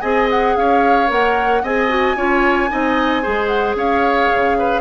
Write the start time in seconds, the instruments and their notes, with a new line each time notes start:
0.00 bassoon C4, clarinet G#4, oboe D#5, flute G#5
0.30 flute F#5
0.56 bassoon C#4, oboe C#5, flute F5
1.07 bassoon A#3, clarinet A#4, flute F#5
1.62 bassoon C4, clarinet G#4, oboe D#5, flute G#5
1.88 clarinet F#4
2.16 bassoon C#4, clarinet F4, oboe C#5
2.69 bassoon C4, clarinet D#4, oboe D#5
3.22 bassoon G#3, clarinet G#4, oboe C5
3.47 flute F#5
3.75 bassoon C#4, oboe C#5, flute F5
4.33 bassoon C#3
4.58 oboe B4